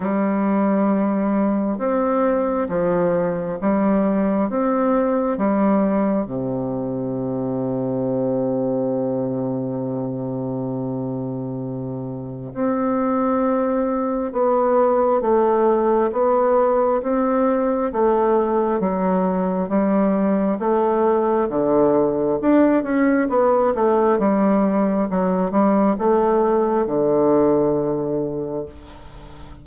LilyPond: \new Staff \with { instrumentName = "bassoon" } { \time 4/4 \tempo 4 = 67 g2 c'4 f4 | g4 c'4 g4 c4~ | c1~ | c2 c'2 |
b4 a4 b4 c'4 | a4 fis4 g4 a4 | d4 d'8 cis'8 b8 a8 g4 | fis8 g8 a4 d2 | }